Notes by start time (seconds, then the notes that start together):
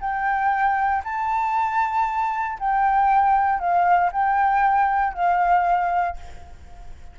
0.00 G5
1.04 A5
2.59 G5
3.59 F5
4.12 G5
5.14 F5